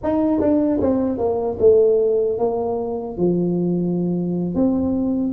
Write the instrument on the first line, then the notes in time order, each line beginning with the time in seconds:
tuba
0.03 D#4
0.40 D4
0.81 C4
1.18 A#3
1.59 A3
2.38 A#3
3.17 F3
4.54 C4